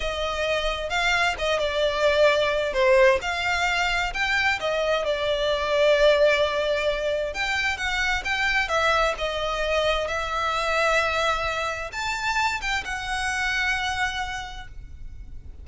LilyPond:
\new Staff \with { instrumentName = "violin" } { \time 4/4 \tempo 4 = 131 dis''2 f''4 dis''8 d''8~ | d''2 c''4 f''4~ | f''4 g''4 dis''4 d''4~ | d''1 |
g''4 fis''4 g''4 e''4 | dis''2 e''2~ | e''2 a''4. g''8 | fis''1 | }